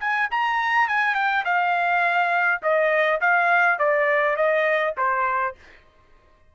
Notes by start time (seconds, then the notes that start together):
0.00 G#5
0.31 A#5
0.88 G#5
1.15 G5
1.45 F5
2.62 D#5
3.21 F5
3.79 D5
4.36 D#5
4.97 C5